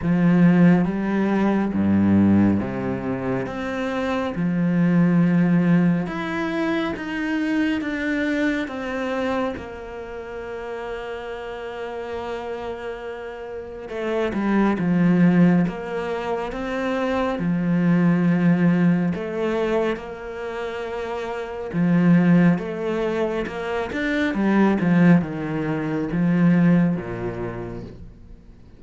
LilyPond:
\new Staff \with { instrumentName = "cello" } { \time 4/4 \tempo 4 = 69 f4 g4 g,4 c4 | c'4 f2 e'4 | dis'4 d'4 c'4 ais4~ | ais1 |
a8 g8 f4 ais4 c'4 | f2 a4 ais4~ | ais4 f4 a4 ais8 d'8 | g8 f8 dis4 f4 ais,4 | }